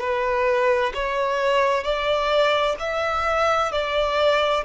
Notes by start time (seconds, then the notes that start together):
0.00 B4
0.94 C#5
1.83 D5
2.79 E5
3.71 D5